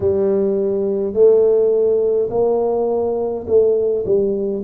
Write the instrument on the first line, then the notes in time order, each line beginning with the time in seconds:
tuba
0.00 G3
1.13 A3
2.30 A#3
3.47 A3
4.05 G3